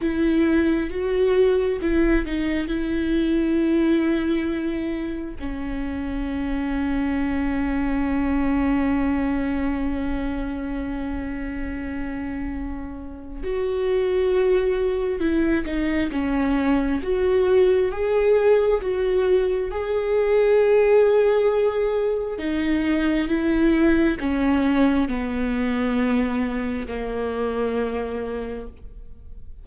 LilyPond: \new Staff \with { instrumentName = "viola" } { \time 4/4 \tempo 4 = 67 e'4 fis'4 e'8 dis'8 e'4~ | e'2 cis'2~ | cis'1~ | cis'2. fis'4~ |
fis'4 e'8 dis'8 cis'4 fis'4 | gis'4 fis'4 gis'2~ | gis'4 dis'4 e'4 cis'4 | b2 ais2 | }